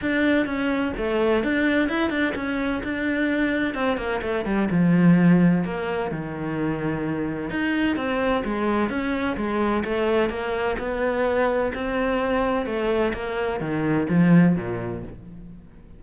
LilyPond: \new Staff \with { instrumentName = "cello" } { \time 4/4 \tempo 4 = 128 d'4 cis'4 a4 d'4 | e'8 d'8 cis'4 d'2 | c'8 ais8 a8 g8 f2 | ais4 dis2. |
dis'4 c'4 gis4 cis'4 | gis4 a4 ais4 b4~ | b4 c'2 a4 | ais4 dis4 f4 ais,4 | }